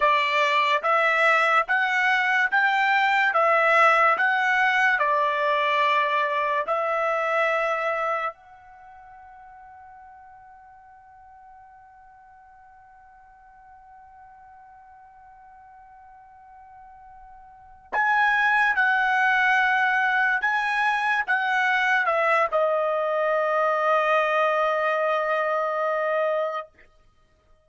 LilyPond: \new Staff \with { instrumentName = "trumpet" } { \time 4/4 \tempo 4 = 72 d''4 e''4 fis''4 g''4 | e''4 fis''4 d''2 | e''2 fis''2~ | fis''1~ |
fis''1~ | fis''4. gis''4 fis''4.~ | fis''8 gis''4 fis''4 e''8 dis''4~ | dis''1 | }